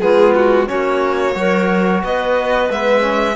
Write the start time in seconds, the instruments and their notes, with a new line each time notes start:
0.00 cello G#3, trombone B3, clarinet F4, violin G#4
0.35 violin F#4
0.66 cello A#3, trombone C#4, clarinet F#4, violin C#5
1.33 cello F#3, trombone F#4, clarinet A#4
2.03 cello B3, clarinet B4, violin D#5
2.69 cello G#3, trombone B3, violin E5
3.01 trombone C#4